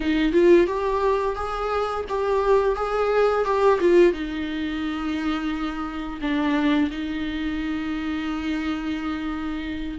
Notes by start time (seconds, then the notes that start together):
0.00 D#4
0.32 F4
0.66 G4
1.35 G#4
2.08 G4
2.75 G#4
3.44 G4
3.80 F4
4.12 D#4
6.21 D4
6.90 D#4